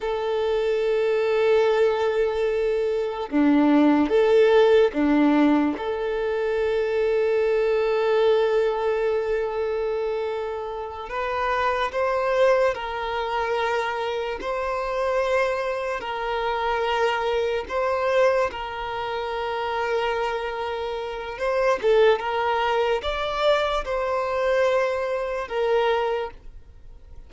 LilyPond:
\new Staff \with { instrumentName = "violin" } { \time 4/4 \tempo 4 = 73 a'1 | d'4 a'4 d'4 a'4~ | a'1~ | a'4. b'4 c''4 ais'8~ |
ais'4. c''2 ais'8~ | ais'4. c''4 ais'4.~ | ais'2 c''8 a'8 ais'4 | d''4 c''2 ais'4 | }